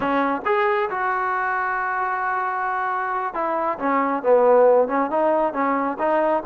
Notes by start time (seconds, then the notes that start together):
0.00 C#4
0.45 G#4
0.90 F#4
3.33 E4
3.78 C#4
4.22 B3
4.88 C#4
5.10 D#4
5.53 C#4
5.99 D#4